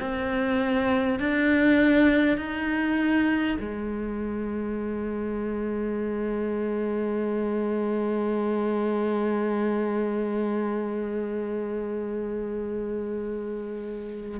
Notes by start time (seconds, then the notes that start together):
0.00 C4
1.19 D4
2.37 D#4
3.59 G#3